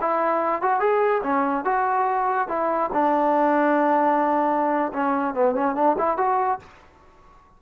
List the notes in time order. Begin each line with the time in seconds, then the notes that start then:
0.00 E4
0.62 F#4
0.80 G#4
1.23 C#4
1.64 F#4
2.48 E4
2.93 D4
4.93 C#4
5.34 B3
5.55 C#4
5.75 D4
5.98 E4
6.17 F#4